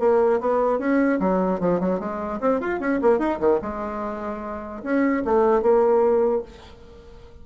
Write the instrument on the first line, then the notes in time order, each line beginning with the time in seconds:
bassoon
0.00 A#3
0.41 B3
0.79 C#4
1.20 F#3
1.60 F3
1.80 F#3
2.00 G#3
2.41 C4
2.61 F4
2.80 C#4
3.02 A#3
3.19 D#4
3.40 D#3
3.62 G#3
4.83 C#4
5.25 A3
5.62 A#3